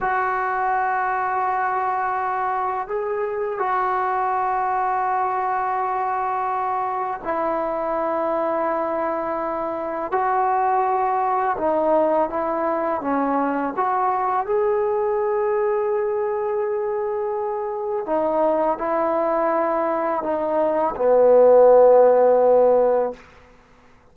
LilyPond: \new Staff \with { instrumentName = "trombone" } { \time 4/4 \tempo 4 = 83 fis'1 | gis'4 fis'2.~ | fis'2 e'2~ | e'2 fis'2 |
dis'4 e'4 cis'4 fis'4 | gis'1~ | gis'4 dis'4 e'2 | dis'4 b2. | }